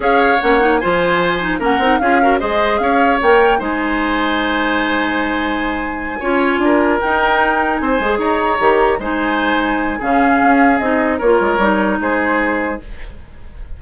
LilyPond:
<<
  \new Staff \with { instrumentName = "flute" } { \time 4/4 \tempo 4 = 150 f''4 fis''4 gis''2 | fis''4 f''4 dis''4 f''4 | g''4 gis''2.~ | gis''1~ |
gis''4. g''2 gis''8~ | gis''8 ais''2 gis''4.~ | gis''4 f''2 dis''4 | cis''2 c''2 | }
  \new Staff \with { instrumentName = "oboe" } { \time 4/4 cis''2 c''2 | ais'4 gis'8 ais'8 c''4 cis''4~ | cis''4 c''2.~ | c''2.~ c''8 cis''8~ |
cis''8 ais'2. c''8~ | c''8 cis''2 c''4.~ | c''4 gis'2. | ais'2 gis'2 | }
  \new Staff \with { instrumentName = "clarinet" } { \time 4/4 gis'4 cis'8 dis'8 f'4. dis'8 | cis'8 dis'8 f'8 fis'8 gis'2 | ais'4 dis'2.~ | dis'2.~ dis'8 f'8~ |
f'4. dis'2~ dis'8 | gis'4. g'4 dis'4.~ | dis'4 cis'2 dis'4 | f'4 dis'2. | }
  \new Staff \with { instrumentName = "bassoon" } { \time 4/4 cis'4 ais4 f2 | ais8 c'8 cis'4 gis4 cis'4 | ais4 gis2.~ | gis2.~ gis8 cis'8~ |
cis'8 d'4 dis'2 c'8 | gis8 dis'4 dis4 gis4.~ | gis4 cis4 cis'4 c'4 | ais8 gis8 g4 gis2 | }
>>